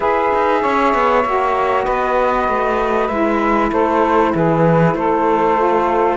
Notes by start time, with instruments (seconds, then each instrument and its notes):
0.00 cello E4, saxophone G#4 B4, flute E5
0.34 cello D#4
0.61 cello C#4, saxophone C#5
0.94 cello B3
1.24 cello A#3, saxophone F#4
1.84 cello B3, saxophone B4, flute D#5
2.48 cello A3
3.08 cello G#3, saxophone E4, flute E5
3.71 cello A3, saxophone A4, flute C5
4.34 cello E3, saxophone G#4, flute B4
4.94 cello A3, saxophone A4, flute C5
5.56 saxophone F4